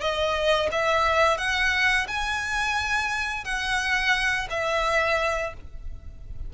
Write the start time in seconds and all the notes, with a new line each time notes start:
0.00 D#5
0.71 E5
1.38 F#5
2.08 G#5
3.44 F#5
4.50 E5